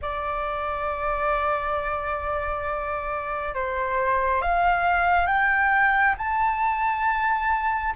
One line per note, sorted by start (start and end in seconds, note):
0.01 3.54 D5
3.54 4.41 C5
4.41 5.27 F5
5.27 6.15 G5
6.17 7.94 A5